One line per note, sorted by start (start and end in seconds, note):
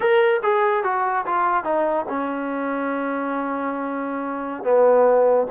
0.00 0.40 A#4
0.43 0.83 G#4
0.83 1.25 F#4
1.25 1.64 F4
1.64 2.05 D#4
2.08 4.63 C#4
4.63 5.46 B3